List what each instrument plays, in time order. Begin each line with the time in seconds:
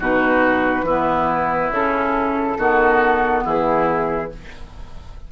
0.00 bassoon B2, clarinet D#4, oboe F#4, flute B4
0.83 bassoon E3, clarinet B3, oboe E4
1.71 bassoon C#3, clarinet C#4, flute A4
2.58 bassoon D#3, clarinet B3, oboe F#4
3.45 bassoon E3, oboe E4, flute G#4